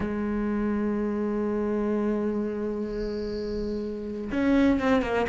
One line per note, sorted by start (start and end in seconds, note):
0.00 4.30 G#3
4.31 4.80 C#4
4.80 5.02 C4
5.02 5.26 A#3